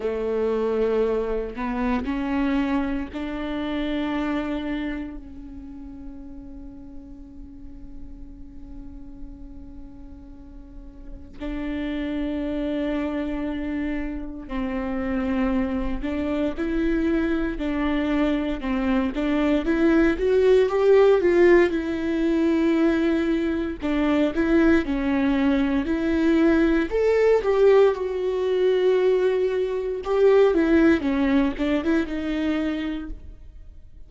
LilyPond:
\new Staff \with { instrumentName = "viola" } { \time 4/4 \tempo 4 = 58 a4. b8 cis'4 d'4~ | d'4 cis'2.~ | cis'2. d'4~ | d'2 c'4. d'8 |
e'4 d'4 c'8 d'8 e'8 fis'8 | g'8 f'8 e'2 d'8 e'8 | cis'4 e'4 a'8 g'8 fis'4~ | fis'4 g'8 e'8 cis'8 d'16 e'16 dis'4 | }